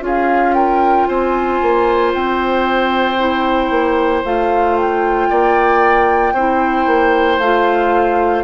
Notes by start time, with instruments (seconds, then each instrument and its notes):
0.00 bassoon C#4, clarinet F4, oboe G#4
0.06 flute F5
0.54 oboe A#4, flute G5
1.06 bassoon C4, oboe C5, flute G#5
1.61 bassoon A#3
2.13 bassoon C4, flute G5
3.18 clarinet E4
3.70 bassoon A#3
4.24 bassoon A3, clarinet F4, flute F5
4.76 flute G5
5.29 bassoon A#3, oboe D5
6.33 bassoon C4, clarinet E4, oboe C5
6.86 bassoon A#3
7.38 bassoon A3, clarinet F4, flute F5